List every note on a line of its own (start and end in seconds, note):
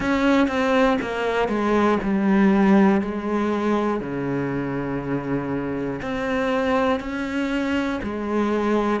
0.00 0.47 C#4
0.47 0.97 C4
1.01 1.48 A#3
1.48 1.98 G#3
2.03 3.00 G3
3.00 4.00 G#3
4.00 6.00 C#3
6.02 7.00 C4
7.00 8.00 C#4
8.02 9.00 G#3